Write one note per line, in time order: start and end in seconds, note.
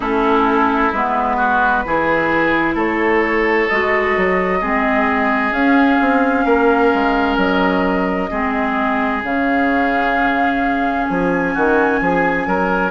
0.00 0.91 A3
0.00 0.93 C#4
0.00 1.37 E4
0.00 0.92 A4
0.92 1.84 G#3
0.92 1.85 B3
0.92 2.76 B4
1.37 1.83 F#4
1.85 2.74 E3
1.85 3.70 E4
1.85 2.74 G#4
2.74 3.67 A3
2.74 4.59 A4
2.74 3.68 C#5
3.68 4.16 G#3
3.68 4.60 F#4
3.68 5.52 D#5
4.16 4.61 F#3
4.60 5.51 G#3
4.60 5.53 C4
4.60 6.45 G#4
5.51 5.97 C#4
5.51 8.30 C#4
5.51 7.37 F5
6.00 6.45 C4
6.45 6.91 A#3
6.45 8.29 A#4
6.94 7.37 G#3
7.37 8.29 F#3
7.37 9.22 D#5
8.30 9.23 G#3
8.30 9.22 C4
8.30 11.53 G#4
9.23 11.07 C#3
9.23 12.91 C#4
9.23 11.06 F5
11.06 11.55 F3
11.06 12.90 G#5
11.53 12.01 D#3
11.53 11.99 F#4
12.01 12.46 F3
12.01 12.47 G#4
12.46 12.91 F#3
12.46 12.91 A#4